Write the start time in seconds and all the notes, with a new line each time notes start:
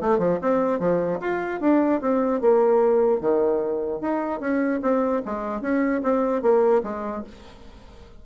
0.00 A3
0.18 F3
0.41 C4
0.79 F3
1.20 F4
1.60 D4
2.01 C4
2.41 A#3
3.20 D#3
4.01 D#4
4.40 C#4
4.82 C4
5.25 G#3
5.61 C#4
6.03 C4
6.42 A#3
6.83 G#3